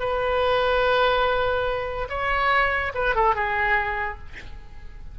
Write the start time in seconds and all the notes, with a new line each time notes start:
0.00 B4
2.09 C#5
2.95 B4
3.16 A4
3.35 G#4